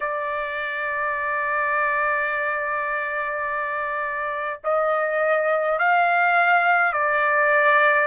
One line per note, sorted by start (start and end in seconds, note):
0.00 4.59 D5
4.64 5.78 D#5
5.78 6.92 F5
6.92 8.07 D5